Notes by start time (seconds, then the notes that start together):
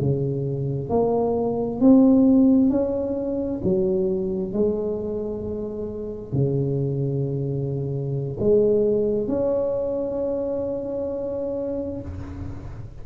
0.00 C#3
0.89 A#3
1.80 C4
2.70 C#4
3.64 F#3
4.53 G#3
6.33 C#3
8.40 G#3
9.28 C#4